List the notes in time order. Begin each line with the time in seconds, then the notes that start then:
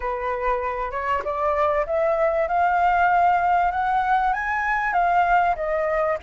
0.00 B4
0.91 C#5
1.24 D5
1.86 E5
2.48 F5
3.71 F#5
4.33 G#5
4.93 F5
5.55 D#5